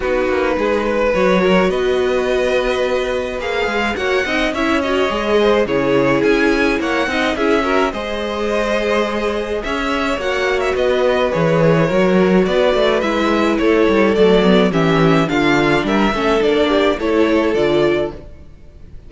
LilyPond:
<<
  \new Staff \with { instrumentName = "violin" } { \time 4/4 \tempo 4 = 106 b'2 cis''4 dis''4~ | dis''2 f''4 fis''4 | e''8 dis''4. cis''4 gis''4 | fis''4 e''4 dis''2~ |
dis''4 e''4 fis''8. e''16 dis''4 | cis''2 d''4 e''4 | cis''4 d''4 e''4 f''4 | e''4 d''4 cis''4 d''4 | }
  \new Staff \with { instrumentName = "violin" } { \time 4/4 fis'4 gis'8 b'4 ais'8 b'4~ | b'2. cis''8 dis''8 | cis''4. c''8 gis'2 | cis''8 dis''8 gis'8 ais'8 c''2~ |
c''4 cis''2 b'4~ | b'4 ais'4 b'2 | a'2 g'4 f'4 | ais'8 a'4 g'8 a'2 | }
  \new Staff \with { instrumentName = "viola" } { \time 4/4 dis'2 fis'2~ | fis'2 gis'4 fis'8 dis'8 | e'8 fis'8 gis'4 e'2~ | e'8 dis'8 e'8 fis'8 gis'2~ |
gis'2 fis'2 | gis'4 fis'2 e'4~ | e'4 a8 b8 cis'4 d'4~ | d'8 cis'8 d'4 e'4 f'4 | }
  \new Staff \with { instrumentName = "cello" } { \time 4/4 b8 ais8 gis4 fis4 b4~ | b2 ais8 gis8 ais8 c'8 | cis'4 gis4 cis4 cis'4 | ais8 c'8 cis'4 gis2~ |
gis4 cis'4 ais4 b4 | e4 fis4 b8 a8 gis4 | a8 g8 fis4 e4 d4 | g8 a8 ais4 a4 d4 | }
>>